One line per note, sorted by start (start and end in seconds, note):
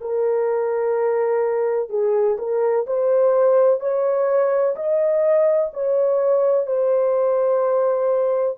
0.00 1.89 A#4
1.89 2.36 G#4
2.38 2.85 A#4
2.86 3.80 C5
3.80 4.75 C#5
4.75 5.71 D#5
5.73 6.66 C#5
6.66 8.57 C5